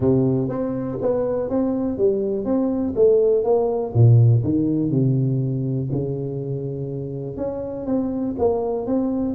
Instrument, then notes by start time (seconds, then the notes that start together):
tuba
0.00 C3
0.48 C4
1.01 B3
1.49 C4
1.97 G3
2.45 C4
2.95 A3
3.44 A#3
3.93 A#2
4.43 D#3
4.90 C3
5.91 C#3
7.36 C#4
7.86 C4
8.38 A#3
8.86 C4